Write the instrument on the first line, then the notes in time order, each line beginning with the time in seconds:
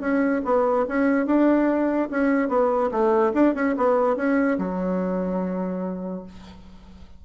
bassoon
0.00 C#4
0.44 B3
0.88 C#4
1.26 D4
2.10 C#4
2.48 B3
2.91 A3
3.33 D4
3.54 C#4
3.76 B3
4.16 C#4
4.58 F#3